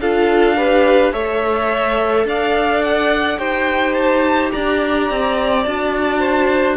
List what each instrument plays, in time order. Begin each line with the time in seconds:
0.00 cello D4, viola F4, violin A4 F5
0.56 viola G4, violin B4
1.12 cello A3, viola A4, violin C#5 E5
2.25 cello D4, violin D5 F5
2.83 violin F#5
3.38 cello D#4, viola G4, violin C5 G5
3.94 violin A5
4.52 cello D4, violin D5 A#5
5.11 cello C4
5.64 cello D4, viola F#4, violin A5
6.20 violin C5